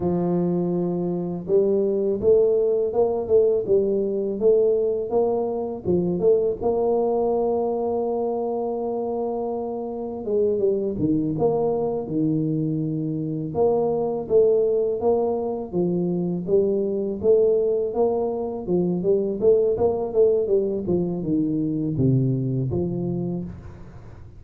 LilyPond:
\new Staff \with { instrumentName = "tuba" } { \time 4/4 \tempo 4 = 82 f2 g4 a4 | ais8 a8 g4 a4 ais4 | f8 a8 ais2.~ | ais2 gis8 g8 dis8 ais8~ |
ais8 dis2 ais4 a8~ | a8 ais4 f4 g4 a8~ | a8 ais4 f8 g8 a8 ais8 a8 | g8 f8 dis4 c4 f4 | }